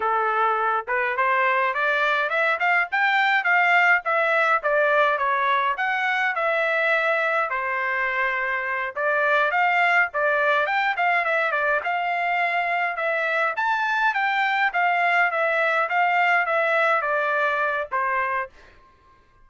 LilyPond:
\new Staff \with { instrumentName = "trumpet" } { \time 4/4 \tempo 4 = 104 a'4. b'8 c''4 d''4 | e''8 f''8 g''4 f''4 e''4 | d''4 cis''4 fis''4 e''4~ | e''4 c''2~ c''8 d''8~ |
d''8 f''4 d''4 g''8 f''8 e''8 | d''8 f''2 e''4 a''8~ | a''8 g''4 f''4 e''4 f''8~ | f''8 e''4 d''4. c''4 | }